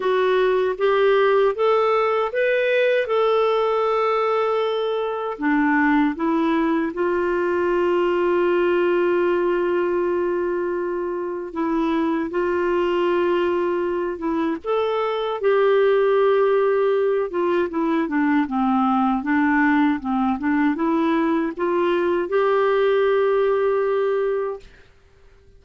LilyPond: \new Staff \with { instrumentName = "clarinet" } { \time 4/4 \tempo 4 = 78 fis'4 g'4 a'4 b'4 | a'2. d'4 | e'4 f'2.~ | f'2. e'4 |
f'2~ f'8 e'8 a'4 | g'2~ g'8 f'8 e'8 d'8 | c'4 d'4 c'8 d'8 e'4 | f'4 g'2. | }